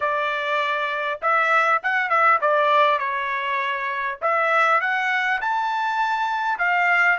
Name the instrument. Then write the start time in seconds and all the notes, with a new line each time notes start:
trumpet
0.00 D5
1.21 E5
1.82 F#5
2.09 E5
2.41 D5
2.98 C#5
4.21 E5
4.81 F#5
5.41 A5
6.58 F5